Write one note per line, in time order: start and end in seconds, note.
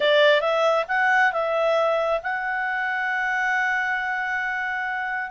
0.00 0.41 D5
0.41 0.85 E5
0.88 1.32 F#5
1.32 2.20 E5
2.22 5.30 F#5